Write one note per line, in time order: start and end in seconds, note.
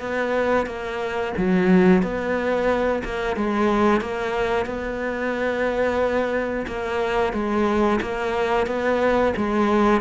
0.00 0.66 B3
0.66 1.33 A#3
1.37 2.02 F#3
2.02 3.02 B3
3.04 3.36 A#3
3.36 4.01 G#3
4.01 4.66 A#3
4.66 6.66 B3
6.67 7.33 A#3
7.33 8.00 G#3
8.02 8.67 A#3
8.67 9.33 B3
9.37 10.01 G#3